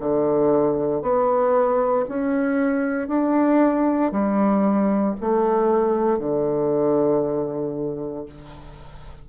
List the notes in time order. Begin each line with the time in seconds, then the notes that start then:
0.00 D3
1.03 B3
2.09 C#4
3.08 D4
4.12 G3
5.21 A3
6.19 D3